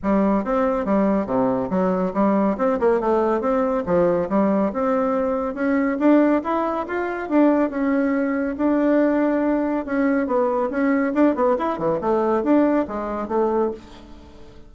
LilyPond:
\new Staff \with { instrumentName = "bassoon" } { \time 4/4 \tempo 4 = 140 g4 c'4 g4 c4 | fis4 g4 c'8 ais8 a4 | c'4 f4 g4 c'4~ | c'4 cis'4 d'4 e'4 |
f'4 d'4 cis'2 | d'2. cis'4 | b4 cis'4 d'8 b8 e'8 e8 | a4 d'4 gis4 a4 | }